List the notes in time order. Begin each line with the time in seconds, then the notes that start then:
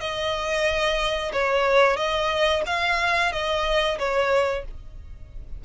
0.00 D#5
1.33 C#5
1.97 D#5
2.66 F5
3.32 D#5
3.99 C#5